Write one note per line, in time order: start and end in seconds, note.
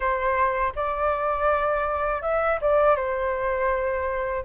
0.00 0.72 C5
0.75 2.22 D5
2.22 2.59 E5
2.61 2.96 D5
2.96 4.44 C5